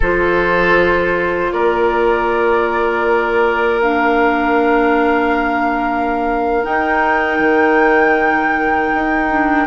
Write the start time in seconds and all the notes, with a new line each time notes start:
0.00 F3 F4 A4 C5
1.52 A#3 A#4 D5
3.81 D4 F5
6.63 D#4 G5
7.39 D#3
8.94 D#4
9.29 D4